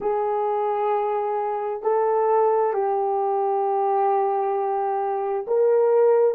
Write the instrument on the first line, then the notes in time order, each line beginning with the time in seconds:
horn
0.00 G#4
1.82 A4
2.73 G4
5.47 A#4